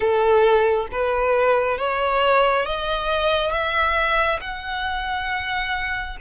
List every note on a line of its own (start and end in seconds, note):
0.00 0.87 A4
0.91 1.78 B4
1.78 2.65 C#5
2.65 3.51 D#5
3.51 4.39 E5
4.40 6.17 F#5